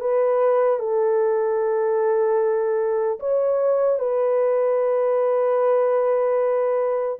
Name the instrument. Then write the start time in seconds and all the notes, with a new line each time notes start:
horn
0.00 B4
0.79 A4
3.19 C#5
3.99 B4